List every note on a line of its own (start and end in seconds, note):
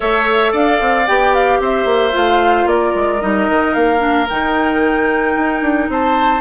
0.00 0.53 A3
0.00 1.05 A4
0.00 0.51 C#5
0.00 0.54 E5
0.51 0.79 D4
0.51 1.59 D5
0.51 1.07 F5
0.80 1.07 C4
1.07 1.60 B3
1.07 2.12 G4
1.07 1.34 G5
1.34 1.61 F5
1.60 1.85 C4
1.60 2.68 C5
1.60 2.17 E5
1.85 2.11 A#3
2.12 2.65 A3
2.12 3.19 F4
2.12 2.68 F5
2.65 2.91 A#3
2.65 5.90 A#4
2.65 3.21 D5
2.95 3.22 G#3
3.20 3.49 G3
3.20 3.98 D#4
3.20 3.73 D#5
3.49 3.75 D#3
3.73 4.28 A#3
3.73 4.27 F5
3.98 4.25 D4
4.29 5.36 D#3
4.29 6.41 D#4
4.29 5.90 G5
5.36 5.61 D#4
5.61 5.88 D4
5.89 6.41 C4
5.89 6.41 C5
5.89 6.41 A5